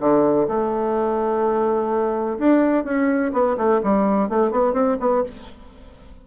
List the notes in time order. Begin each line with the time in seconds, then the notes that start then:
0.00 D3
0.48 A3
2.39 D4
2.85 C#4
3.33 B3
3.57 A3
3.83 G3
4.29 A3
4.51 B3
4.73 C4
5.00 B3